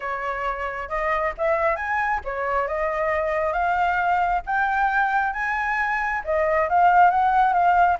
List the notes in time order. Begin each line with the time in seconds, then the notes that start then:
0.00 C#5
0.88 D#5
1.37 E5
1.76 G#5
2.24 C#5
2.67 D#5
3.52 F5
4.46 G5
5.33 G#5
6.24 D#5
6.69 F5
7.10 F#5
7.53 F5